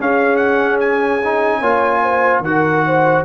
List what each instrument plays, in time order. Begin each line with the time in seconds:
0.00 trombone C#4, tuba C#4, horn G#4, trumpet F5
0.37 trumpet F#5
0.81 trumpet G#5
1.24 trombone D#4
1.60 tuba A#3, trombone F4, horn C#5
2.03 horn C5
2.40 tuba D#3, trombone F#4, trumpet F#5
2.47 horn A#4
2.87 horn C5